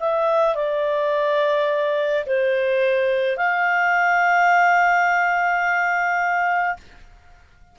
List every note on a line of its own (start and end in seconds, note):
0.00 0.55 E5
0.55 2.25 D5
2.26 3.37 C5
3.37 6.77 F5